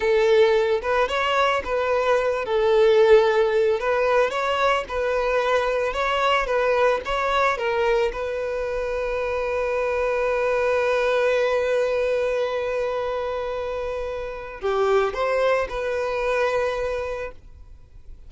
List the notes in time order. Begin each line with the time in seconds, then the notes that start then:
0.00 A4
0.82 B4
1.08 C#5
1.64 B4
2.45 A4
3.79 B4
4.30 C#5
4.88 B4
5.93 C#5
6.46 B4
7.05 C#5
7.57 A#4
8.12 B4
14.60 G4
15.13 C5
15.69 B4